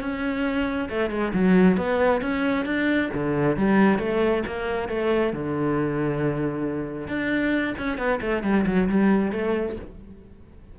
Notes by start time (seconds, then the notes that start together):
0.00 C#4
0.89 A3
1.10 G#3
1.33 F#3
1.77 B3
2.21 C#4
2.65 D4
3.14 D3
3.56 G3
3.98 A3
4.46 A#3
4.88 A3
5.33 D3
7.07 D4
7.78 C#4
7.97 B3
8.21 A3
8.43 G3
8.66 F#3
8.89 G3
9.32 A3